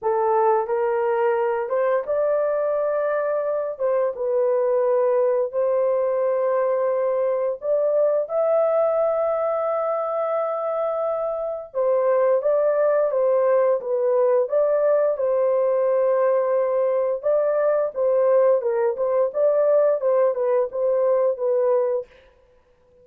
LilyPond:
\new Staff \with { instrumentName = "horn" } { \time 4/4 \tempo 4 = 87 a'4 ais'4. c''8 d''4~ | d''4. c''8 b'2 | c''2. d''4 | e''1~ |
e''4 c''4 d''4 c''4 | b'4 d''4 c''2~ | c''4 d''4 c''4 ais'8 c''8 | d''4 c''8 b'8 c''4 b'4 | }